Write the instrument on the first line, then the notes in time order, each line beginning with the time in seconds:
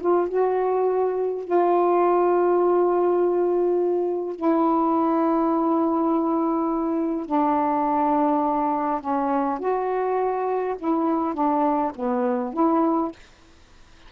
saxophone
0.00 F4
0.28 F#4
1.44 F4
4.35 E4
7.26 D4
9.01 C#4
9.59 F#4
10.78 E4
11.34 D4
11.95 B3
12.53 E4